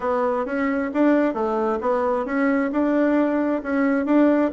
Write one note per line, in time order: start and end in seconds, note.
0.00 0.45 B3
0.45 0.90 C#4
0.93 1.33 D4
1.33 1.79 A3
1.80 2.25 B3
2.25 2.70 C#4
2.71 3.62 D4
3.62 4.05 C#4
4.05 4.50 D4